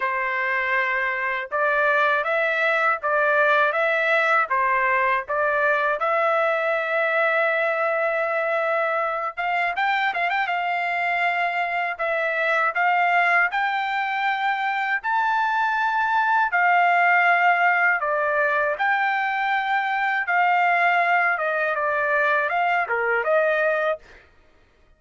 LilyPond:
\new Staff \with { instrumentName = "trumpet" } { \time 4/4 \tempo 4 = 80 c''2 d''4 e''4 | d''4 e''4 c''4 d''4 | e''1~ | e''8 f''8 g''8 f''16 g''16 f''2 |
e''4 f''4 g''2 | a''2 f''2 | d''4 g''2 f''4~ | f''8 dis''8 d''4 f''8 ais'8 dis''4 | }